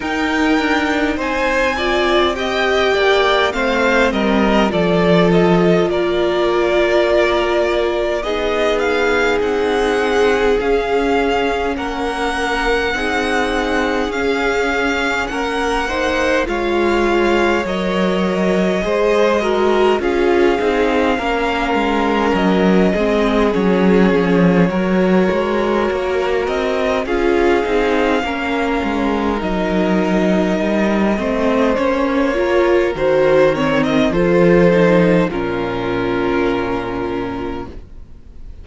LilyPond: <<
  \new Staff \with { instrumentName = "violin" } { \time 4/4 \tempo 4 = 51 g''4 gis''4 g''4 f''8 dis''8 | d''8 dis''8 d''2 dis''8 f''8 | fis''4 f''4 fis''2 | f''4 fis''4 f''4 dis''4~ |
dis''4 f''2 dis''4 | cis''2~ cis''8 dis''8 f''4~ | f''4 dis''2 cis''4 | c''8 cis''16 dis''16 c''4 ais'2 | }
  \new Staff \with { instrumentName = "violin" } { \time 4/4 ais'4 c''8 d''8 dis''8 d''8 c''8 ais'8 | a'4 ais'2 gis'4~ | gis'2 ais'4 gis'4~ | gis'4 ais'8 c''8 cis''2 |
c''8 ais'8 gis'4 ais'4. gis'8~ | gis'4 ais'2 gis'4 | ais'2~ ais'8 c''4 ais'8~ | ais'4 a'4 f'2 | }
  \new Staff \with { instrumentName = "viola" } { \time 4/4 dis'4. f'8 g'4 c'4 | f'2. dis'4~ | dis'4 cis'2 dis'4 | cis'4. dis'8 f'4 ais'4 |
gis'8 fis'8 f'8 dis'8 cis'4. c'8 | cis'4 fis'2 f'8 dis'8 | cis'4 dis'4. c'8 cis'8 f'8 | fis'8 c'8 f'8 dis'8 cis'2 | }
  \new Staff \with { instrumentName = "cello" } { \time 4/4 dis'8 d'8 c'4. ais8 a8 g8 | f4 ais2 b4 | c'4 cis'4 ais4 c'4 | cis'4 ais4 gis4 fis4 |
gis4 cis'8 c'8 ais8 gis8 fis8 gis8 | fis8 f8 fis8 gis8 ais8 c'8 cis'8 c'8 | ais8 gis8 fis4 g8 a8 ais4 | dis4 f4 ais,2 | }
>>